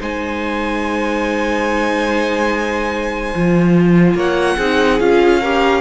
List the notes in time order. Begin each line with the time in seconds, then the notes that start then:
0.00 G#3 D#4 C5 G#5
3.35 F3 F4
4.15 A#3 C#5 F#5
4.57 C4 D#4 G#4
5.00 C#4 F4 F5
5.41 G4 A#4